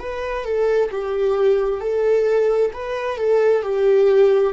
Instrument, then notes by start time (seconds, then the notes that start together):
viola
0.00 B4
0.45 A4
0.91 G4
1.81 A4
2.74 B4
3.18 A4
3.62 G4